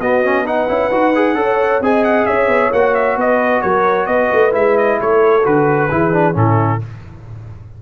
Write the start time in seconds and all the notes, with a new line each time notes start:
0.00 B3 F#4 D#5
0.24 C#4
0.45 D#4 B4 F#5
0.68 C#4 E4
0.91 D#4 F#4
1.15 G#4
1.34 C#4 A4 C#5
1.81 C4 G#4 D#5 G#5
2.04 F#5
2.26 C#4 C#5 E5
2.48 B3
2.72 A#3 F#4 F#5
2.95 E5
3.16 B3 B4 D#5
3.62 F#3 A#4 C#5
4.06 B3 B4 D#5
4.32 A3
4.52 G#3 E4 E5
4.77 D#5
5.01 A3 A4 C#5
5.43 D3 F#4 B4
5.91 E3 E4 G#4
6.12 D4
6.34 A2 C#4 E4 A4